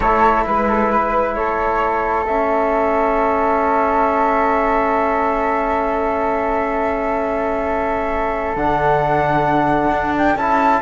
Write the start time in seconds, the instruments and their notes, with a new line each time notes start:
0.00 cello A3, trombone E4, flute A4 C#5
0.46 cello G#3, flute B4
0.68 flute A4
0.90 flute B4
1.34 cello A3, flute A4 C#5
2.25 trombone C#4, flute E5
8.56 cello D3, trombone D4, flute F#5
9.91 cello D4
10.18 flute G5
10.35 cello C#4, trombone E4, flute A5